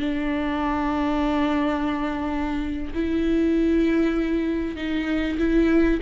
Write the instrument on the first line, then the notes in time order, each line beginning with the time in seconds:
viola
0.00 D4
2.95 E4
4.76 D#4
5.39 E4